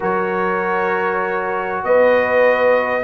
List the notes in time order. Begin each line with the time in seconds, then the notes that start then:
0.00 F#3 F#4 A#4 C#5
1.83 B3 B4 D#5